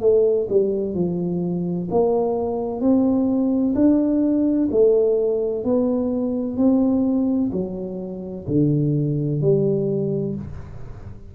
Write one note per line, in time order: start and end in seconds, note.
0.00 0.47 A3
0.49 0.94 G3
0.94 1.88 F3
1.90 2.80 A#3
2.80 3.74 C4
3.74 4.68 D4
4.70 5.64 A3
5.64 6.57 B3
6.57 7.50 C4
7.52 8.45 F#3
8.47 9.41 D3
9.41 10.35 G3